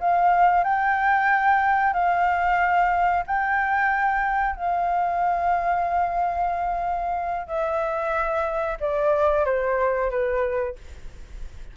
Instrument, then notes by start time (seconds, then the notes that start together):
flute
0.00 F5
0.63 G5
1.93 F5
3.26 G5
4.56 F5
7.47 E5
8.80 D5
9.45 C5
10.10 B4